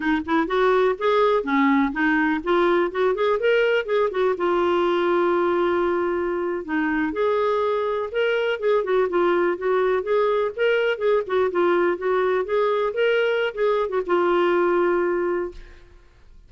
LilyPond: \new Staff \with { instrumentName = "clarinet" } { \time 4/4 \tempo 4 = 124 dis'8 e'8 fis'4 gis'4 cis'4 | dis'4 f'4 fis'8 gis'8 ais'4 | gis'8 fis'8 f'2.~ | f'4.~ f'16 dis'4 gis'4~ gis'16~ |
gis'8. ais'4 gis'8 fis'8 f'4 fis'16~ | fis'8. gis'4 ais'4 gis'8 fis'8 f'16~ | f'8. fis'4 gis'4 ais'4~ ais'16 | gis'8. fis'16 f'2. | }